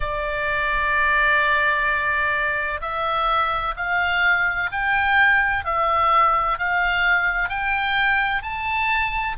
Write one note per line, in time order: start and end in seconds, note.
0.00 2.80 D5
2.81 3.75 E5
3.76 4.70 F5
4.71 5.64 G5
5.64 6.58 E5
6.58 7.49 F5
7.49 8.42 G5
8.42 9.36 A5